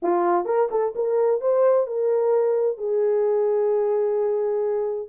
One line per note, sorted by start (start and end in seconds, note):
0.02 0.45 F4
0.45 0.68 A#4
0.70 0.93 A4
0.95 1.40 A#4
1.40 1.86 C5
1.86 2.77 A#4
2.77 5.08 G#4